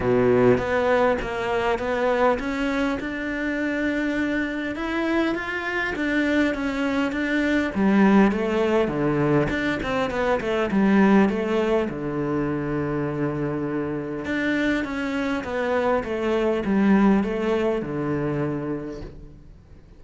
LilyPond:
\new Staff \with { instrumentName = "cello" } { \time 4/4 \tempo 4 = 101 b,4 b4 ais4 b4 | cis'4 d'2. | e'4 f'4 d'4 cis'4 | d'4 g4 a4 d4 |
d'8 c'8 b8 a8 g4 a4 | d1 | d'4 cis'4 b4 a4 | g4 a4 d2 | }